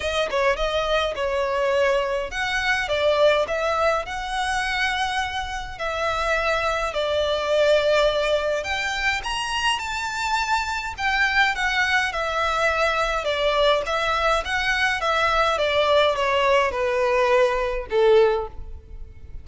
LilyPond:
\new Staff \with { instrumentName = "violin" } { \time 4/4 \tempo 4 = 104 dis''8 cis''8 dis''4 cis''2 | fis''4 d''4 e''4 fis''4~ | fis''2 e''2 | d''2. g''4 |
ais''4 a''2 g''4 | fis''4 e''2 d''4 | e''4 fis''4 e''4 d''4 | cis''4 b'2 a'4 | }